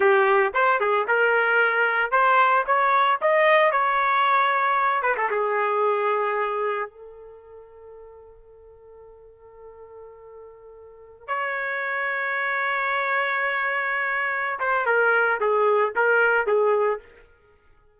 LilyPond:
\new Staff \with { instrumentName = "trumpet" } { \time 4/4 \tempo 4 = 113 g'4 c''8 gis'8 ais'2 | c''4 cis''4 dis''4 cis''4~ | cis''4. b'16 a'16 gis'2~ | gis'4 a'2.~ |
a'1~ | a'4~ a'16 cis''2~ cis''8.~ | cis''2.~ cis''8 c''8 | ais'4 gis'4 ais'4 gis'4 | }